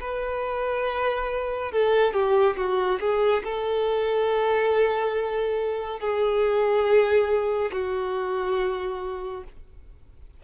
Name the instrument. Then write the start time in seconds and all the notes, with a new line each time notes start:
violin
0.00 B4
1.72 A4
2.13 G4
2.56 F#4
3.00 G#4
3.44 A4
6.00 G#4
7.72 F#4